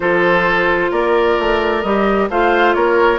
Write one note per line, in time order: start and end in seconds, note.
0.00 0.91 F3
0.00 1.83 F4
0.00 0.90 A4
0.00 0.91 C5
0.90 1.37 A#3
0.90 2.28 A#4
0.90 1.82 D5
1.39 1.83 A3
1.82 2.29 G3
1.82 2.30 G4
1.82 2.28 D#5
2.29 2.75 A3
2.29 3.18 F4
2.29 2.75 C5
2.29 2.74 F5
2.74 3.18 A#3
2.74 3.18 A#4
2.74 3.18 C#5